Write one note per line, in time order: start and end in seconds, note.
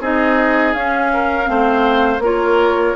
0.00 0.74 C4
0.00 0.75 D#4
0.00 1.12 G#4
0.00 0.73 D#5
0.73 1.48 C#4
0.73 1.45 C#4
0.73 2.21 F5
1.13 1.50 A#4
1.45 2.19 A3
1.45 2.19 C4
1.45 2.23 C5
2.19 2.93 A#3
2.19 2.95 F4
2.19 2.95 A#4
2.19 2.95 C#5